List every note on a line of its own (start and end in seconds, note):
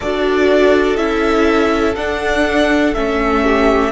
0.00 0.97 D4
0.00 0.97 F#4
0.00 3.44 A4
0.00 0.96 D5
0.96 1.95 C#4
0.96 1.95 E4
0.96 1.94 E5
1.95 2.94 D4
1.95 2.95 D4
1.95 2.93 F#5
2.94 3.91 A3
2.94 3.91 C#4
2.94 3.91 E5
3.45 3.91 G4